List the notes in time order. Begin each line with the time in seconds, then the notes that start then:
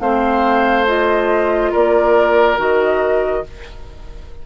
0.00 A3 C4 C5 F5
0.86 F4 D#5
1.71 A#3 A#4 D5
2.57 D#3 F#4 D#5